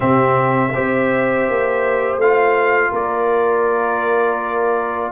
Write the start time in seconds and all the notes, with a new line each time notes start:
0.00 C3 C4 G4 E5
0.73 C4 G4 C5
1.49 A#3
2.17 A3 F4 F5
2.91 A#3 A#4 D5